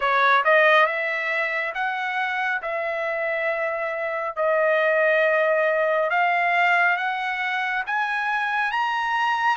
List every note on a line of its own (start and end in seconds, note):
0.00 0.43 C#5
0.44 0.86 D#5
0.86 1.73 E5
1.74 2.61 F#5
2.62 4.36 E5
4.36 6.09 D#5
6.10 6.96 F5
6.96 7.83 F#5
7.86 8.71 G#5
8.71 9.56 A#5